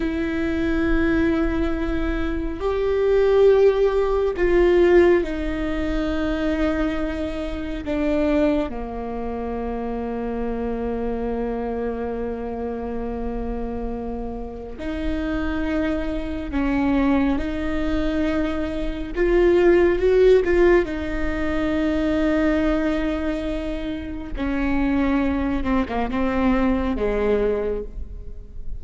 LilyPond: \new Staff \with { instrumentName = "viola" } { \time 4/4 \tempo 4 = 69 e'2. g'4~ | g'4 f'4 dis'2~ | dis'4 d'4 ais2~ | ais1~ |
ais4 dis'2 cis'4 | dis'2 f'4 fis'8 f'8 | dis'1 | cis'4. c'16 ais16 c'4 gis4 | }